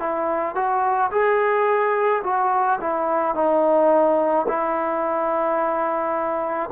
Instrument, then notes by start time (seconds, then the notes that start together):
trombone
0.00 E4
0.56 F#4
1.12 G#4
2.24 F#4
2.81 E4
3.35 D#4
4.48 E4